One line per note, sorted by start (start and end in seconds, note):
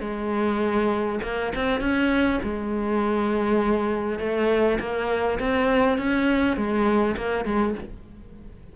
0.00 1.19 G#3
1.23 1.52 A#3
1.55 1.80 C4
1.80 2.40 C#4
2.42 4.19 G#3
4.19 4.78 A3
4.79 5.39 A#3
5.39 5.98 C4
5.98 6.56 C#4
6.56 7.16 G#3
7.16 7.45 A#3
7.45 7.74 G#3